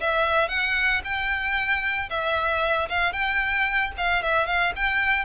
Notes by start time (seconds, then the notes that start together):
0.00 E5
0.48 F#5
1.04 G5
2.09 E5
2.89 F5
3.12 G5
3.97 F5
4.22 E5
4.46 F5
4.76 G5